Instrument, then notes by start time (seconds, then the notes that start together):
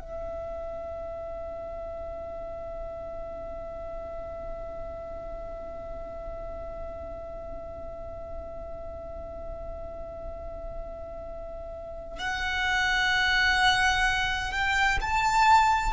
violin
0.00 E5
12.18 F#5
14.51 G5
15.01 A5